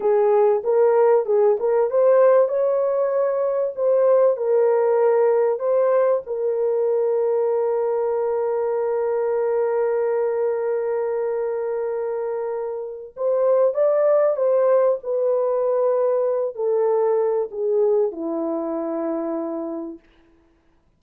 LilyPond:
\new Staff \with { instrumentName = "horn" } { \time 4/4 \tempo 4 = 96 gis'4 ais'4 gis'8 ais'8 c''4 | cis''2 c''4 ais'4~ | ais'4 c''4 ais'2~ | ais'1~ |
ais'1~ | ais'4 c''4 d''4 c''4 | b'2~ b'8 a'4. | gis'4 e'2. | }